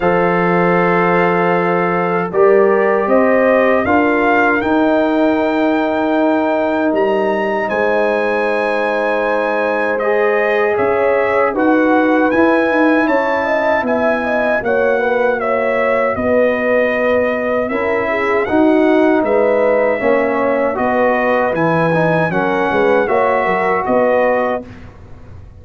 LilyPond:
<<
  \new Staff \with { instrumentName = "trumpet" } { \time 4/4 \tempo 4 = 78 f''2. d''4 | dis''4 f''4 g''2~ | g''4 ais''4 gis''2~ | gis''4 dis''4 e''4 fis''4 |
gis''4 a''4 gis''4 fis''4 | e''4 dis''2 e''4 | fis''4 e''2 dis''4 | gis''4 fis''4 e''4 dis''4 | }
  \new Staff \with { instrumentName = "horn" } { \time 4/4 c''2. ais'4 | c''4 ais'2.~ | ais'2 c''2~ | c''2 cis''4 b'4~ |
b'4 cis''8 dis''8 e''8 dis''8 cis''8 b'8 | cis''4 b'2 ais'8 gis'8 | fis'4 b'4 cis''4 b'4~ | b'4 ais'8 b'8 cis''8 ais'8 b'4 | }
  \new Staff \with { instrumentName = "trombone" } { \time 4/4 a'2. g'4~ | g'4 f'4 dis'2~ | dis'1~ | dis'4 gis'2 fis'4 |
e'2. fis'4~ | fis'2. e'4 | dis'2 cis'4 fis'4 | e'8 dis'8 cis'4 fis'2 | }
  \new Staff \with { instrumentName = "tuba" } { \time 4/4 f2. g4 | c'4 d'4 dis'2~ | dis'4 g4 gis2~ | gis2 cis'4 dis'4 |
e'8 dis'8 cis'4 b4 ais4~ | ais4 b2 cis'4 | dis'4 gis4 ais4 b4 | e4 fis8 gis8 ais8 fis8 b4 | }
>>